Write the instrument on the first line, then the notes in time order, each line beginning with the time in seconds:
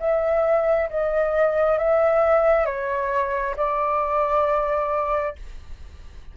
flute
0.00 E5
0.90 D#5
1.78 E5
2.66 C#5
3.57 D5